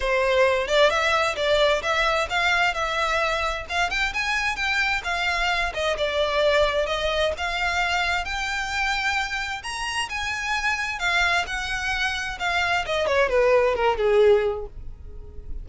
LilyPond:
\new Staff \with { instrumentName = "violin" } { \time 4/4 \tempo 4 = 131 c''4. d''8 e''4 d''4 | e''4 f''4 e''2 | f''8 g''8 gis''4 g''4 f''4~ | f''8 dis''8 d''2 dis''4 |
f''2 g''2~ | g''4 ais''4 gis''2 | f''4 fis''2 f''4 | dis''8 cis''8 b'4 ais'8 gis'4. | }